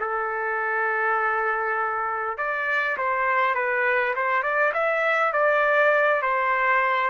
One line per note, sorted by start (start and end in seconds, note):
0.00 2.38 A4
2.38 2.97 D5
2.98 3.55 C5
3.55 4.14 B4
4.16 4.43 C5
4.43 4.73 D5
4.74 5.33 E5
5.33 6.22 D5
6.22 7.10 C5